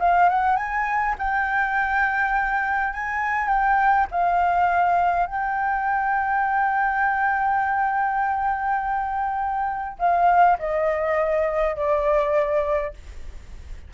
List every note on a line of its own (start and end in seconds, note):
0.00 0.29 F5
0.30 0.56 F#5
0.56 1.15 G#5
1.18 2.94 G5
2.94 3.48 G#5
3.48 4.07 G5
4.11 5.27 F5
5.27 9.97 G5
9.99 10.58 F5
10.59 11.76 D#5
11.76 12.94 D5